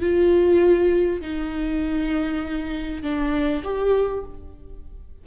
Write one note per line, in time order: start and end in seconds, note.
0.00 1.21 F4
1.21 3.02 D#4
3.02 3.63 D4
3.63 4.24 G4